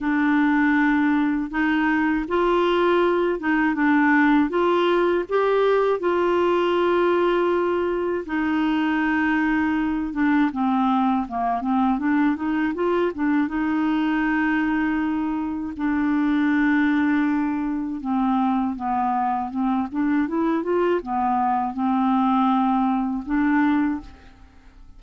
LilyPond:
\new Staff \with { instrumentName = "clarinet" } { \time 4/4 \tempo 4 = 80 d'2 dis'4 f'4~ | f'8 dis'8 d'4 f'4 g'4 | f'2. dis'4~ | dis'4. d'8 c'4 ais8 c'8 |
d'8 dis'8 f'8 d'8 dis'2~ | dis'4 d'2. | c'4 b4 c'8 d'8 e'8 f'8 | b4 c'2 d'4 | }